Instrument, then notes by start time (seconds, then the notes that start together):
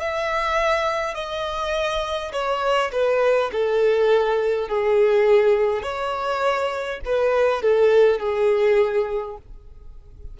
violin
0.00 E5
1.14 D#5
2.33 C#5
2.92 B4
3.52 A4
4.68 G#4
5.82 C#5
7.05 B4
7.62 A4
8.20 G#4